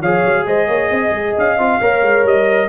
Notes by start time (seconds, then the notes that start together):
0.00 F3 G#4 C#5 F5
0.24 F#3
0.45 G#3 C5 D#5
0.67 A#3 C#5
0.90 C4 D#5
1.11 G#3
1.37 C#4 F5
1.58 C4 F4
1.80 A#3 A#4 C#5
2.02 G#3
2.24 G3 D#5